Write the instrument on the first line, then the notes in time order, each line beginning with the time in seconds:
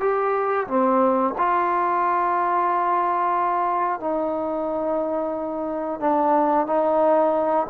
trombone
0.00 G4
0.67 C4
1.38 F4
4.00 D#4
6.00 D4
6.66 D#4